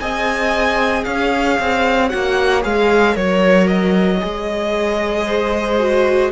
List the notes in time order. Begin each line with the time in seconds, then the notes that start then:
0.00 C4 G#4 D#5 G#5
1.04 C#4 C#5 F5
1.59 C4
2.09 A#3 F#4 F#5
2.61 G#3 G#4 F5
3.12 F#3 A#4 C#5
3.67 D#5
4.21 G#3 G#4
5.26 C5
5.79 F#4